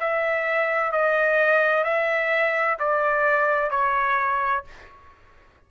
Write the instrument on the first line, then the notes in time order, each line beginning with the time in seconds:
trumpet
0.00 E5
0.92 D#5
1.84 E5
2.79 D5
3.70 C#5